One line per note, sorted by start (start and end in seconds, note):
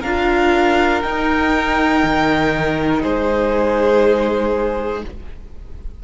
0.00 1.03 D4
0.00 1.03 F4
0.00 3.00 A#4
0.00 1.02 F5
1.02 5.03 D#4
1.02 2.03 D#4
1.02 3.02 G5
2.03 3.03 D#3
3.02 5.03 G#3
3.02 5.03 G#4
3.02 5.03 C5